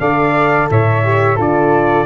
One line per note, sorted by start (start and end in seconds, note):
0.00 0.70 D3
0.00 1.04 A4
0.00 0.70 D5
0.00 0.69 F5
0.70 1.38 A2
0.70 1.36 C#5
0.70 1.40 E5
1.04 1.38 G4
1.36 2.06 D3
1.36 2.06 F4
1.36 2.05 A4
1.36 2.06 D5